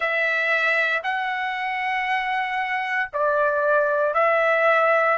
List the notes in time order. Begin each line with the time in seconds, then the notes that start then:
0.00 E5
1.03 F#5
3.13 D5
4.14 E5